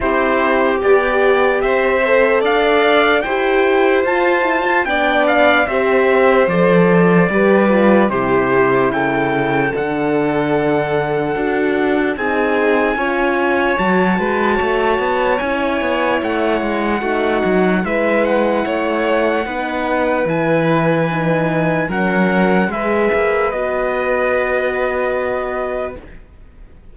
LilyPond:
<<
  \new Staff \with { instrumentName = "trumpet" } { \time 4/4 \tempo 4 = 74 c''4 d''4 e''4 f''4 | g''4 a''4 g''8 f''8 e''4 | d''2 c''4 g''4 | fis''2. gis''4~ |
gis''4 a''2 gis''4 | fis''2 e''8 fis''4.~ | fis''4 gis''2 fis''4 | e''4 dis''2. | }
  \new Staff \with { instrumentName = "violin" } { \time 4/4 g'2 c''4 d''4 | c''2 d''4 c''4~ | c''4 b'4 g'4 a'4~ | a'2. gis'4 |
cis''4. b'8 cis''2~ | cis''4 fis'4 b'4 cis''4 | b'2. ais'4 | b'1 | }
  \new Staff \with { instrumentName = "horn" } { \time 4/4 e'4 g'4. a'4. | g'4 f'8 e'16 f'16 d'4 g'4 | a'4 g'8 f'8 e'2 | d'2 fis'4 dis'4 |
f'4 fis'2 e'4~ | e'4 dis'4 e'2 | dis'4 e'4 dis'4 cis'4 | gis'4 fis'2. | }
  \new Staff \with { instrumentName = "cello" } { \time 4/4 c'4 b4 c'4 d'4 | e'4 f'4 b4 c'4 | f4 g4 c4 cis4 | d2 d'4 c'4 |
cis'4 fis8 gis8 a8 b8 cis'8 b8 | a8 gis8 a8 fis8 gis4 a4 | b4 e2 fis4 | gis8 ais8 b2. | }
>>